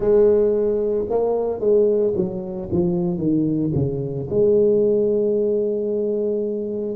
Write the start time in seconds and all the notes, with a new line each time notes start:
0.00 G#3
1.10 A#3
1.60 G#3
2.15 F#3
2.71 F3
3.17 D#3
3.74 C#3
4.30 G#3